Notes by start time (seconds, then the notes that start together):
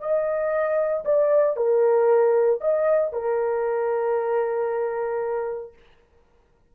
0.00 D#5
1.05 D5
1.56 A#4
2.61 D#5
3.12 A#4